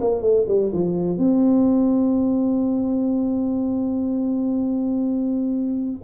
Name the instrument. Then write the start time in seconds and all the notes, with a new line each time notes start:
tuba
0.00 A#3
0.21 A3
0.47 G3
0.72 F3
1.17 C4